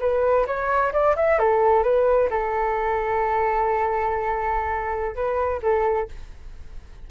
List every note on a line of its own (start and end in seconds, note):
0.00 0.46 B4
0.47 0.93 C#5
0.93 1.16 D5
1.16 1.39 E5
1.39 1.83 A4
1.83 2.29 B4
2.30 5.15 A4
5.15 5.61 B4
5.63 6.08 A4